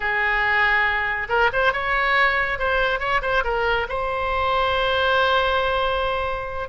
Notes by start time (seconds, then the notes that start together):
0.00 G#4
1.29 A#4
1.52 C5
1.72 C#5
2.58 C5
2.99 C#5
3.22 C5
3.44 A#4
3.88 C5